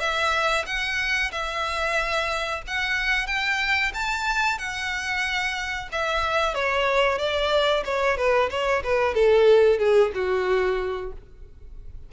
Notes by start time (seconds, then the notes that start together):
0.00 E5
0.66 F#5
1.32 E5
2.67 F#5
3.27 G5
3.94 A5
4.59 F#5
5.92 E5
6.55 C#5
7.18 D5
7.85 C#5
8.17 B4
8.50 C#5
8.83 B4
9.15 A4
9.79 G#4
10.14 F#4